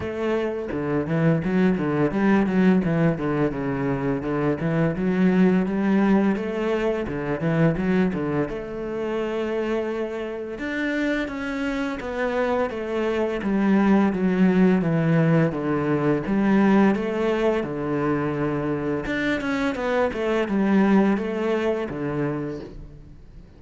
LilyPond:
\new Staff \with { instrumentName = "cello" } { \time 4/4 \tempo 4 = 85 a4 d8 e8 fis8 d8 g8 fis8 | e8 d8 cis4 d8 e8 fis4 | g4 a4 d8 e8 fis8 d8 | a2. d'4 |
cis'4 b4 a4 g4 | fis4 e4 d4 g4 | a4 d2 d'8 cis'8 | b8 a8 g4 a4 d4 | }